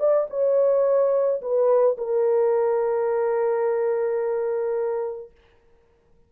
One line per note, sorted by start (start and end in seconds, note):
0.00 0.28 D5
0.30 1.41 C#5
1.42 1.97 B4
1.98 5.32 A#4